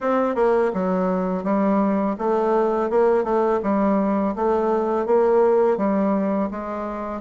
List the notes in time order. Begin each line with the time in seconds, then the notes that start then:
0.00 C4
0.35 A#3
0.73 F#3
1.43 G3
2.18 A3
2.89 A#3
3.23 A3
3.62 G3
4.35 A3
5.06 A#3
5.77 G3
6.51 G#3